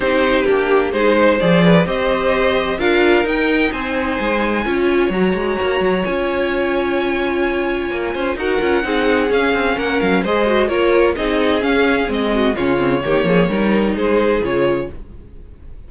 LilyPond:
<<
  \new Staff \with { instrumentName = "violin" } { \time 4/4 \tempo 4 = 129 c''4 g'4 c''4 d''4 | dis''2 f''4 g''4 | gis''2. ais''4~ | ais''4 gis''2.~ |
gis''2 fis''2 | f''4 fis''8 f''8 dis''4 cis''4 | dis''4 f''4 dis''4 cis''4~ | cis''2 c''4 cis''4 | }
  \new Staff \with { instrumentName = "violin" } { \time 4/4 g'2 gis'8 c''4 b'8 | c''2 ais'2 | c''2 cis''2~ | cis''1~ |
cis''4. c''8 ais'4 gis'4~ | gis'4 ais'4 c''4 ais'4 | gis'2~ gis'8 fis'8 f'4 | g'8 gis'8 ais'4 gis'2 | }
  \new Staff \with { instrumentName = "viola" } { \time 4/4 dis'4 d'4 dis'4 gis'4 | g'2 f'4 dis'4~ | dis'2 f'4 fis'4~ | fis'4 f'2.~ |
f'2 fis'8 f'8 dis'4 | cis'2 gis'8 fis'8 f'4 | dis'4 cis'4 c'4 cis'8 c'8 | ais4 dis'2 f'4 | }
  \new Staff \with { instrumentName = "cello" } { \time 4/4 c'4 ais4 gis4 f4 | c'2 d'4 dis'4 | c'4 gis4 cis'4 fis8 gis8 | ais8 fis8 cis'2.~ |
cis'4 ais8 cis'8 dis'8 cis'8 c'4 | cis'8 c'8 ais8 fis8 gis4 ais4 | c'4 cis'4 gis4 cis4 | dis8 f8 g4 gis4 cis4 | }
>>